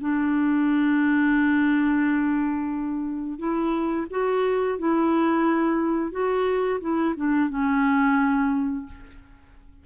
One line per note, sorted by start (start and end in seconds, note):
0.00 3.38 D4
3.38 4.06 E4
4.10 4.78 F#4
4.78 6.11 E4
6.11 6.79 F#4
6.80 7.14 E4
7.16 7.49 D4
7.49 8.85 C#4